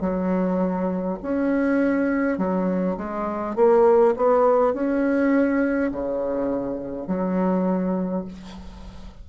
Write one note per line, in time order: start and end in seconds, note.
0.00 1.18 F#3
1.22 2.38 C#4
2.38 2.97 F#3
2.97 3.55 G#3
3.55 4.14 A#3
4.16 4.73 B3
4.73 5.91 C#4
5.91 7.06 C#3
7.06 8.24 F#3